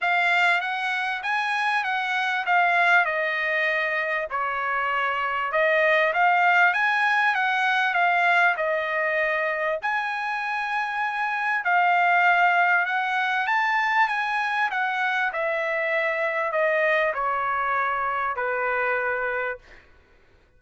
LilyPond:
\new Staff \with { instrumentName = "trumpet" } { \time 4/4 \tempo 4 = 98 f''4 fis''4 gis''4 fis''4 | f''4 dis''2 cis''4~ | cis''4 dis''4 f''4 gis''4 | fis''4 f''4 dis''2 |
gis''2. f''4~ | f''4 fis''4 a''4 gis''4 | fis''4 e''2 dis''4 | cis''2 b'2 | }